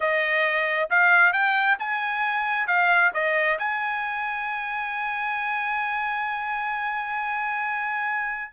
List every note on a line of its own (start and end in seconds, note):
0.00 0.89 D#5
0.90 1.32 F5
1.32 1.77 G5
1.79 2.67 G#5
2.67 3.11 F5
3.13 3.58 D#5
3.58 8.51 G#5